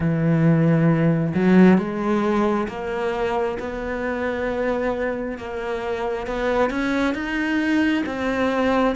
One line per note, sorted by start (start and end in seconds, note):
0.00 1.33 E3
1.34 1.78 F#3
1.78 2.67 G#3
2.68 3.57 A#3
3.59 5.37 B3
5.37 6.26 A#3
6.26 6.70 B3
6.70 7.14 C#4
7.14 8.04 D#4
8.06 8.95 C4